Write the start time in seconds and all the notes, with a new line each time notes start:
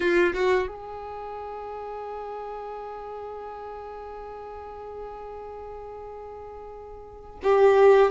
0.00 F4
0.33 F#4
0.67 G#4
7.43 G4